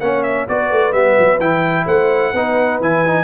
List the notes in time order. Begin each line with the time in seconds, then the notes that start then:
0.00 A#3 C#4 C#5 F#5
0.23 E5
0.48 B3 F#4 B4 D5
0.70 A3
0.93 G3 B3 E5
1.19 F#3
1.39 E3 E4 G5
1.85 A3 C5 F#5
2.32 B3 D#4 B4
2.80 E3 E4 G#5
3.06 D#4